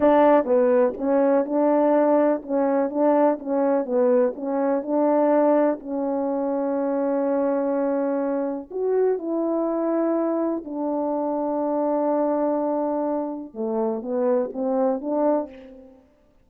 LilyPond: \new Staff \with { instrumentName = "horn" } { \time 4/4 \tempo 4 = 124 d'4 b4 cis'4 d'4~ | d'4 cis'4 d'4 cis'4 | b4 cis'4 d'2 | cis'1~ |
cis'2 fis'4 e'4~ | e'2 d'2~ | d'1 | a4 b4 c'4 d'4 | }